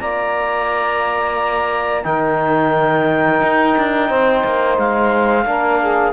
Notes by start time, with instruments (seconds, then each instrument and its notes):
0.00 cello A#3, trombone F4, saxophone D5, clarinet A#5
2.04 cello D#3, trombone D#4, saxophone A#4, clarinet G5
3.43 cello D#4
3.78 cello D4
4.09 cello C4, saxophone C5
4.45 cello A#3
4.78 cello G#3, clarinet F5
5.45 cello A#3, trombone D4, saxophone A#4
5.81 saxophone G#4